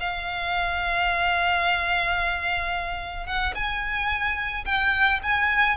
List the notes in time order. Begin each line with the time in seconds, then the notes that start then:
0.00 F5
3.26 F#5
3.55 G#5
4.65 G5
5.23 G#5